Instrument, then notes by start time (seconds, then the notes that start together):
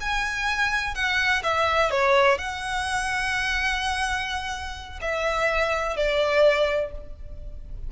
violin
0.00 G#5
0.95 F#5
1.43 E5
1.90 C#5
2.38 F#5
5.01 E5
5.96 D5